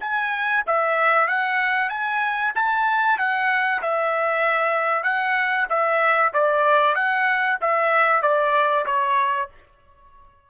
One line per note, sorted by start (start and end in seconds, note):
0.00 0.63 G#5
0.66 1.27 E5
1.27 1.89 F#5
1.89 2.52 G#5
2.55 3.18 A5
3.18 3.81 F#5
3.82 5.03 E5
5.03 5.66 F#5
5.69 6.32 E5
6.33 6.95 D5
6.95 7.58 F#5
7.60 8.22 E5
8.22 8.85 D5
8.86 9.49 C#5